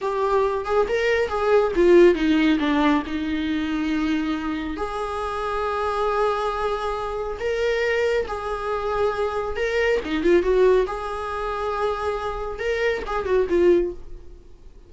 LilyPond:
\new Staff \with { instrumentName = "viola" } { \time 4/4 \tempo 4 = 138 g'4. gis'8 ais'4 gis'4 | f'4 dis'4 d'4 dis'4~ | dis'2. gis'4~ | gis'1~ |
gis'4 ais'2 gis'4~ | gis'2 ais'4 dis'8 f'8 | fis'4 gis'2.~ | gis'4 ais'4 gis'8 fis'8 f'4 | }